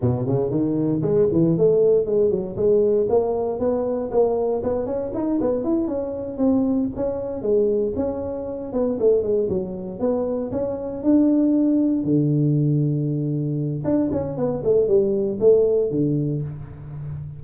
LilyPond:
\new Staff \with { instrumentName = "tuba" } { \time 4/4 \tempo 4 = 117 b,8 cis8 dis4 gis8 e8 a4 | gis8 fis8 gis4 ais4 b4 | ais4 b8 cis'8 dis'8 b8 e'8 cis'8~ | cis'8 c'4 cis'4 gis4 cis'8~ |
cis'4 b8 a8 gis8 fis4 b8~ | b8 cis'4 d'2 d8~ | d2. d'8 cis'8 | b8 a8 g4 a4 d4 | }